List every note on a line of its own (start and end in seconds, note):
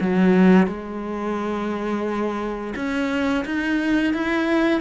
0.00 0.67 F#3
0.67 2.74 G#3
2.76 3.45 C#4
3.45 4.13 D#4
4.13 4.81 E4